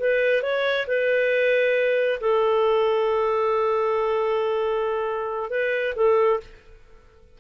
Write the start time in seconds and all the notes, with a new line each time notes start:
0.00 B4
0.43 C#5
0.88 B4
2.21 A4
5.50 B4
5.96 A4